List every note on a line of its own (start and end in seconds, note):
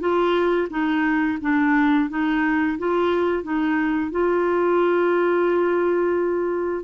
0.00 0.68 F4
0.70 1.39 D#4
1.42 2.10 D4
2.10 2.78 D#4
2.79 3.43 F4
3.43 4.11 D#4
4.11 6.84 F4